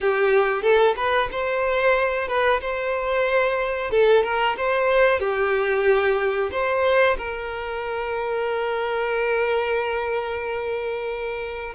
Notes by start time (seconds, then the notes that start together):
0.00 G4
0.62 A4
0.96 B4
1.31 C5
2.27 B4
2.60 C5
3.90 A4
4.23 A#4
4.57 C5
5.19 G4
6.51 C5
7.17 A#4